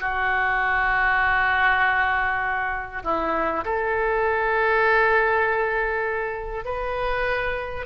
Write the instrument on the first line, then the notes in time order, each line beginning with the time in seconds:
oboe
0.00 F#4
3.04 E4
3.65 A4
6.65 B4